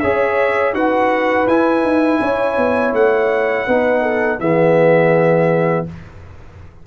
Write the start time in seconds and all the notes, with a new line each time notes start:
0.00 C#4 G#4 C#5 E5
0.73 D#4 F#4 B4 F#5
1.47 E4 G#5
1.83 D#4
2.21 C#4 C#5
2.57 B3
2.93 A3 F#5
3.67 B3 D#4 B4
4.02 A4
4.40 E3 B3 G#4 E5